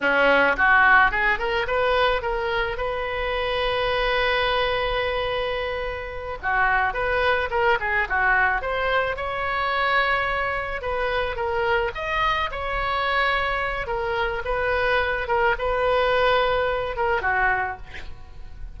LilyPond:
\new Staff \with { instrumentName = "oboe" } { \time 4/4 \tempo 4 = 108 cis'4 fis'4 gis'8 ais'8 b'4 | ais'4 b'2.~ | b'2.~ b'8 fis'8~ | fis'8 b'4 ais'8 gis'8 fis'4 c''8~ |
c''8 cis''2. b'8~ | b'8 ais'4 dis''4 cis''4.~ | cis''4 ais'4 b'4. ais'8 | b'2~ b'8 ais'8 fis'4 | }